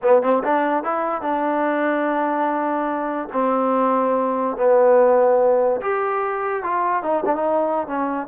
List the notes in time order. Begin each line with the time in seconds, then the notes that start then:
0.02 B3
0.22 C4
0.43 D4
0.83 E4
1.21 D4
3.32 C4
4.56 B3
5.81 G4
6.63 F4
7.03 D#4
7.25 D4
7.35 D#4
7.87 C#4